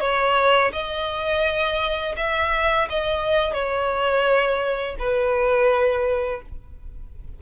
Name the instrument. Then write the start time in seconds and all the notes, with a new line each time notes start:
violin
0.00 C#5
0.72 D#5
2.17 E5
2.89 D#5
3.53 C#5
4.99 B4